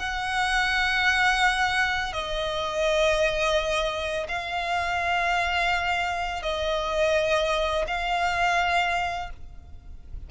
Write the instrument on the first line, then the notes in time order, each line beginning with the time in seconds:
violin
0.00 F#5
2.13 D#5
4.29 F5
6.43 D#5
7.88 F5